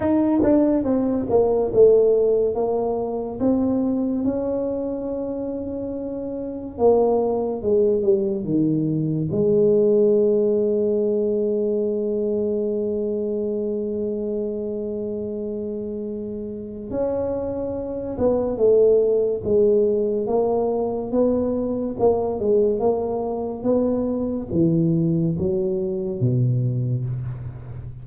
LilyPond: \new Staff \with { instrumentName = "tuba" } { \time 4/4 \tempo 4 = 71 dis'8 d'8 c'8 ais8 a4 ais4 | c'4 cis'2. | ais4 gis8 g8 dis4 gis4~ | gis1~ |
gis1 | cis'4. b8 a4 gis4 | ais4 b4 ais8 gis8 ais4 | b4 e4 fis4 b,4 | }